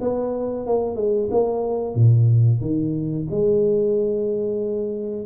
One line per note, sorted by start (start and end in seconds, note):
0.00 0.66 B3
0.66 0.96 A#3
0.96 1.29 G#3
1.31 1.95 A#3
1.95 2.60 A#2
2.61 3.27 D#3
3.30 5.26 G#3